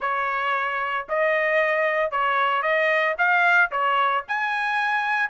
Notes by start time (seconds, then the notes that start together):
0.00 C#5
1.08 D#5
2.11 C#5
2.62 D#5
3.17 F5
3.71 C#5
4.27 G#5